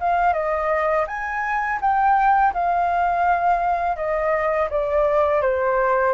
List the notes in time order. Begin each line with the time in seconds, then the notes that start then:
0.00 F5
0.33 D#5
1.07 G#5
1.81 G5
2.54 F5
3.97 D#5
4.70 D5
5.42 C5